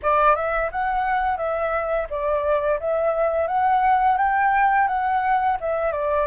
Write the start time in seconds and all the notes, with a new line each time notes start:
0.02 D5
0.35 E5
0.71 F#5
1.37 E5
2.10 D5
2.80 E5
3.47 F#5
4.17 G5
4.87 F#5
5.60 E5
5.91 D5